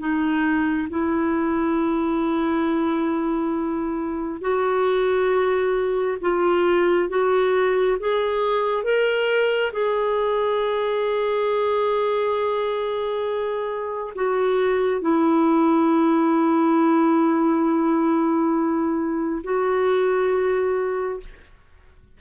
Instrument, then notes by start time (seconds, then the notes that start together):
clarinet
0.00 D#4
0.89 E4
4.41 F#4
6.21 F4
7.09 F#4
8.00 G#4
8.84 A#4
9.73 G#4
14.15 F#4
15.01 E4
19.44 F#4